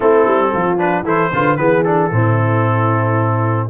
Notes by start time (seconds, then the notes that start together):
0.00 A3 C4 E4 A4
0.26 G3
0.52 F3 F4
0.77 D4 B4
1.02 E3 E4 A4 C5
1.32 D3 F4 B4
1.56 E3 B3 G#4 B4
1.83 D4 A4
2.11 A2 C4 E4